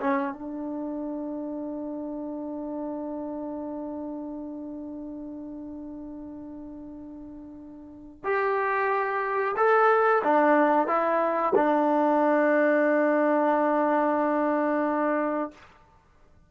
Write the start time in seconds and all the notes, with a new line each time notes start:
0.00 C#4
0.33 D4
8.24 G4
9.56 A4
10.23 D4
10.87 E4
11.55 D4